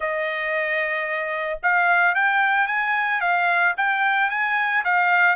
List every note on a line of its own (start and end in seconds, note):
0.00 1.59 D#5
1.62 2.14 F5
2.14 2.67 G5
2.67 3.20 G#5
3.20 3.74 F5
3.77 4.30 G5
4.30 4.83 G#5
4.84 5.35 F5